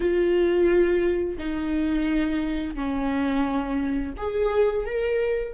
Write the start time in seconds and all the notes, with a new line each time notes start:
0.00 F4
1.38 D#4
2.75 C#4
4.17 G#4
4.85 A#4